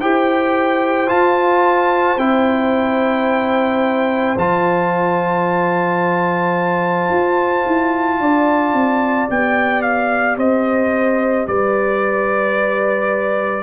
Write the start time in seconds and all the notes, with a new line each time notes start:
0.00 E4 G4 C5 G5
1.07 F4 A5
2.17 C4 E4 G5
4.36 F3 F4 A5
7.10 F4
7.66 E4
8.19 D4 D5
8.73 C4
9.29 B3 G4 G5
9.82 F5
10.37 C4 C5 D#5
11.47 G3 B4 D5